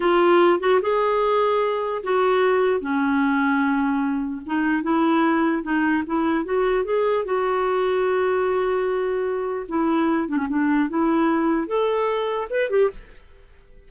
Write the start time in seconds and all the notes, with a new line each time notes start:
0.00 F4
0.60 F#4
0.81 G#4
2.03 F#4
2.80 C#4
4.46 D#4
4.82 E4
5.62 D#4
6.06 E4
6.44 F#4
6.84 G#4
7.24 F#4
9.68 E4
10.28 D4
10.37 C#4
10.49 D4
10.89 E4
11.67 A4
12.50 B4
12.70 G4